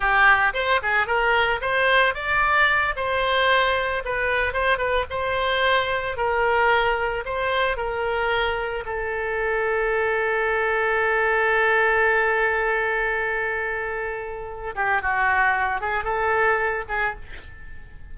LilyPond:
\new Staff \with { instrumentName = "oboe" } { \time 4/4 \tempo 4 = 112 g'4 c''8 gis'8 ais'4 c''4 | d''4. c''2 b'8~ | b'8 c''8 b'8 c''2 ais'8~ | ais'4. c''4 ais'4.~ |
ais'8 a'2.~ a'8~ | a'1~ | a'2.~ a'8 g'8 | fis'4. gis'8 a'4. gis'8 | }